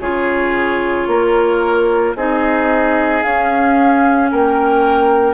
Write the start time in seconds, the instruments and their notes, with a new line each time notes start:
0.00 bassoon C#3, clarinet F4, oboe G#4, flute C#5
1.07 bassoon A#3, oboe A#4
2.15 bassoon C4, clarinet D#4, oboe G#4, flute D#5
3.23 bassoon C#4, clarinet C#4, flute F5
4.31 bassoon A#3, oboe A#4, flute G5